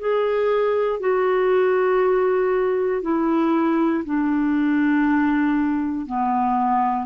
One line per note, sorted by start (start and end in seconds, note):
0.00 1.00 G#4
1.00 3.02 F#4
3.02 4.04 E4
4.05 6.07 D4
6.07 7.06 B3